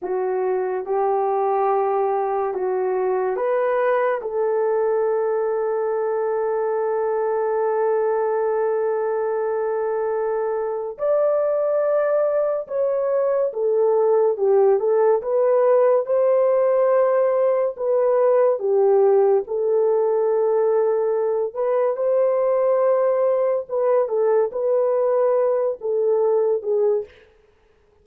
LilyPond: \new Staff \with { instrumentName = "horn" } { \time 4/4 \tempo 4 = 71 fis'4 g'2 fis'4 | b'4 a'2.~ | a'1~ | a'4 d''2 cis''4 |
a'4 g'8 a'8 b'4 c''4~ | c''4 b'4 g'4 a'4~ | a'4. b'8 c''2 | b'8 a'8 b'4. a'4 gis'8 | }